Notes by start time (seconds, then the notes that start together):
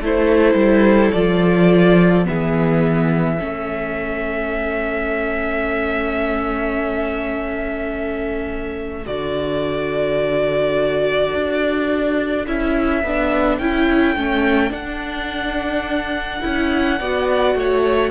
0.00 A3 E4 A4 C5
0.54 G3
1.11 F3 F4 D5
2.24 E3 B3 G#4 E5
3.38 A3 C#4 A4
9.05 D3 F#4 D5
11.33 D4
12.46 C#4 E4 E5
13.03 B3 D4
13.58 C#4 E4 G5
14.15 A3 C#4
14.70 D4 F#5
16.41 C#4 E4
16.99 B3 F#4 D5
17.55 A3 C#5